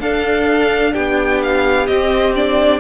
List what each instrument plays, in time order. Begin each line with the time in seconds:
0.00 cello D4, viola D4, violin A4 F5
0.93 cello B3, violin G4 G5
1.43 violin F5
1.87 cello C4, viola C4, violin D#5
2.36 viola D4, violin D5